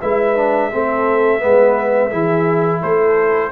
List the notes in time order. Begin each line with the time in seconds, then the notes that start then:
0.00 G#3 E4 B4 E5
0.36 D4
0.72 A3 C4 A4
1.39 G#3 B3 B4
2.09 E3 E4 G#4
2.81 A3 A4 C5